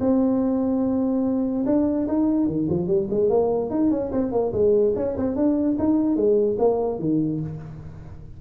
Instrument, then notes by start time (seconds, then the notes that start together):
tuba
0.00 C4
1.66 D4
2.08 D#4
2.47 D#3
2.69 F3
2.87 G3
3.10 G#3
3.29 A#3
3.70 D#4
3.90 C#4
4.11 C4
4.32 A#3
4.52 G#3
4.96 C#4
5.16 C4
5.35 D4
5.78 D#4
6.16 G#3
6.58 A#3
6.99 D#3